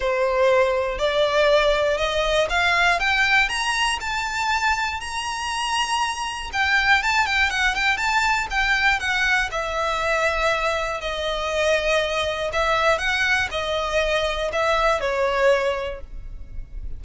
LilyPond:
\new Staff \with { instrumentName = "violin" } { \time 4/4 \tempo 4 = 120 c''2 d''2 | dis''4 f''4 g''4 ais''4 | a''2 ais''2~ | ais''4 g''4 a''8 g''8 fis''8 g''8 |
a''4 g''4 fis''4 e''4~ | e''2 dis''2~ | dis''4 e''4 fis''4 dis''4~ | dis''4 e''4 cis''2 | }